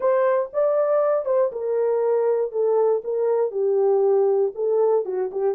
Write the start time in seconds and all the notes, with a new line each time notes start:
0.00 C5
0.53 D5
1.25 C5
1.51 A#4
2.51 A4
3.03 A#4
3.51 G4
4.54 A4
5.05 F#4
5.31 G4